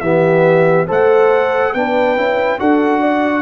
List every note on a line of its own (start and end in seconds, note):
0.00 0.87 E3
0.00 0.88 B3
0.00 0.87 G4
0.00 0.86 E5
0.87 1.74 A3
0.87 1.74 A4
0.87 1.72 C5
0.87 1.73 F#5
1.73 2.16 B3
1.73 2.17 D4
1.73 2.60 B4
1.73 2.59 G5
2.16 2.59 C#4
2.16 2.59 E4
2.59 3.42 D4
2.59 3.42 F#4
2.59 3.01 A4
2.59 3.42 F#5
3.01 3.42 D5